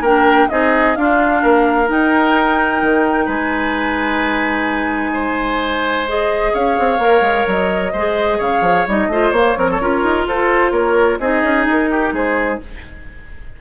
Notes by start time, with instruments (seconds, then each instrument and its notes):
0.00 bassoon A#3, clarinet D4, oboe A#4, flute G5
0.49 bassoon C4, clarinet D#4, oboe G#4, flute D#5
0.95 bassoon D4, clarinet D4, oboe F4, flute F5
1.42 bassoon A#3, oboe A#4
1.86 clarinet D#4, bassoon D#4, flute G5
2.82 bassoon D#3
3.25 bassoon G#3, oboe B4, flute G#5
5.13 oboe C5
6.07 clarinet G#4, flute D#5
6.53 bassoon C#4, oboe C#5, flute F5
6.79 bassoon C4
6.98 bassoon A#3, clarinet A#4
7.21 bassoon G#3
7.47 bassoon F#3, flute D#5
7.92 bassoon G#3, clarinet G#4, oboe C5
8.38 bassoon C#3, oboe C#5, flute F5
8.61 bassoon F3
8.87 bassoon G3, clarinet D#4, flute D#5
9.07 bassoon A3, clarinet F4, oboe C5
9.30 bassoon A#3, clarinet A#3, flute C#5
9.56 clarinet F3, bassoon C4, oboe A#4
9.70 oboe A4
9.81 bassoon C#4, clarinet F4, oboe A#4
10.03 bassoon D#4
10.26 bassoon F4, oboe A4, flute C5
10.71 bassoon A#3, oboe A#4, flute C#5
11.19 bassoon C4, clarinet D#4, oboe G#4, flute D#5
11.42 bassoon C#4
11.65 bassoon D#4, flute A#4
11.90 oboe G4
12.12 bassoon G#3, oboe G#4, flute C5